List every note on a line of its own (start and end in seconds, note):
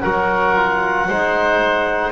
0.00 1.08 F#3
0.00 0.56 F#4
0.00 1.08 A#4
0.00 2.11 F#5
0.56 1.08 F4
1.08 2.11 G#3
1.08 2.11 D#4
1.08 2.11 C5